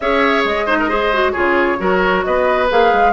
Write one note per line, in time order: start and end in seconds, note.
0.00 0.44 C#4
0.00 0.67 G#4
0.00 0.66 C#5
0.00 0.43 E5
0.44 1.34 G#3
0.44 1.31 D#5
0.66 0.89 D#4
0.66 0.77 C5
0.79 0.88 A#4
0.88 1.11 G#4
0.88 1.32 C5
1.12 1.34 F#4
1.31 1.79 C#3
1.31 1.77 F4
1.31 1.77 G#4
1.31 2.21 C#5
1.77 2.24 F#3
1.77 2.67 F#4
1.77 2.24 A#4
2.23 2.71 B3
2.23 3.12 B4
2.23 2.68 D#5
2.69 2.92 A#3
2.69 3.12 G#4
2.69 3.12 F5
2.92 3.12 G#3